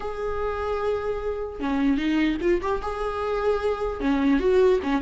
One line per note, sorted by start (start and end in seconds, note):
0.00 1.60 G#4
1.60 1.97 C#4
1.97 2.37 D#4
2.41 2.61 F4
2.61 2.81 G4
2.82 4.00 G#4
4.00 4.39 C#4
4.39 4.79 F#4
4.83 5.02 C#4